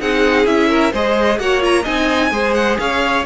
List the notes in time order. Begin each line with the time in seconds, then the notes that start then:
0.00 C4 D#4 G#4 F#5
0.46 C#4 E4 E5
0.70 A#4
0.92 G#3 G#4 C5 D#5
1.39 A#3 F#4 C#5 F#5
1.61 F4 A#5
1.83 C4 D#4 D#5 G#5
2.32 G#3 G#4 C5
2.54 F#5
2.79 C#4 C#5 F5